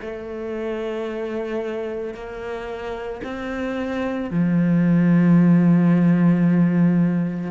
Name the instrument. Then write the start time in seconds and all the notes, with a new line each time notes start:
cello
0.00 A3
2.14 A#3
3.23 C4
4.30 F3